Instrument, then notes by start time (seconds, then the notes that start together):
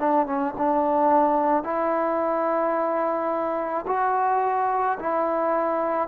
trombone
0.00 D4
0.27 C#4
0.58 D4
1.64 E4
3.88 F#4
5.00 E4